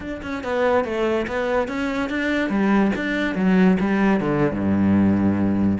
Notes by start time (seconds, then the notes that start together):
0.00 D4
0.22 C#4
0.43 B3
0.84 A3
1.27 B3
1.68 C#4
2.09 D4
2.49 G3
2.95 D4
3.35 F#3
3.80 G3
4.20 D3
4.51 G2